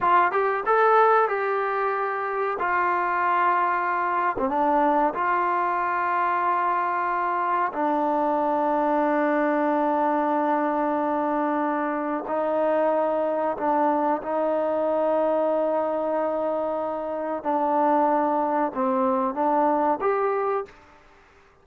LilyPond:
\new Staff \with { instrumentName = "trombone" } { \time 4/4 \tempo 4 = 93 f'8 g'8 a'4 g'2 | f'2~ f'8. c'16 d'4 | f'1 | d'1~ |
d'2. dis'4~ | dis'4 d'4 dis'2~ | dis'2. d'4~ | d'4 c'4 d'4 g'4 | }